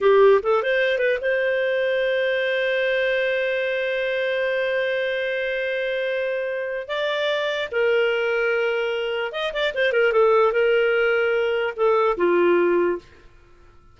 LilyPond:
\new Staff \with { instrumentName = "clarinet" } { \time 4/4 \tempo 4 = 148 g'4 a'8 c''4 b'8 c''4~ | c''1~ | c''1~ | c''1~ |
c''4 d''2 ais'4~ | ais'2. dis''8 d''8 | c''8 ais'8 a'4 ais'2~ | ais'4 a'4 f'2 | }